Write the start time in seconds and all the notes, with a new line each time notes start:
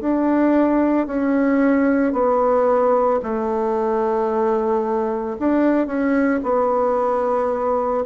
0.00 D4
1.07 C#4
2.12 B3
3.22 A3
5.39 D4
5.86 C#4
6.43 B3